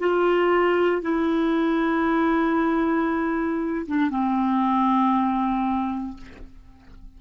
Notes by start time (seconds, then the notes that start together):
0.00 F4
1.02 E4
3.87 D4
4.11 C4